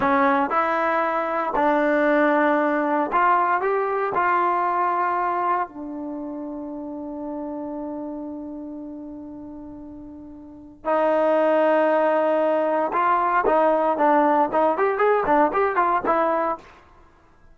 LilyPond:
\new Staff \with { instrumentName = "trombone" } { \time 4/4 \tempo 4 = 116 cis'4 e'2 d'4~ | d'2 f'4 g'4 | f'2. d'4~ | d'1~ |
d'1~ | d'4 dis'2.~ | dis'4 f'4 dis'4 d'4 | dis'8 g'8 gis'8 d'8 g'8 f'8 e'4 | }